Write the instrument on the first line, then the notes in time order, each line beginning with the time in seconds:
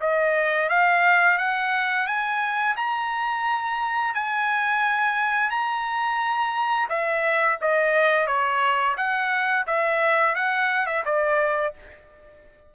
trumpet
0.00 D#5
0.69 F5
1.38 F#5
2.07 G#5
2.76 A#5
4.14 G#5
5.50 A#5
6.89 E5
7.61 D#5
8.26 C#5
8.97 F#5
9.67 E5
10.35 F#5
10.86 E5
11.05 D5